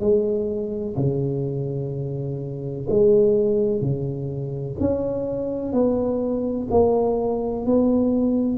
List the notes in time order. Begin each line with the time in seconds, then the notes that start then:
0.00 G#3
0.97 C#3
2.89 G#3
3.81 C#3
4.80 C#4
5.72 B3
6.70 A#3
7.65 B3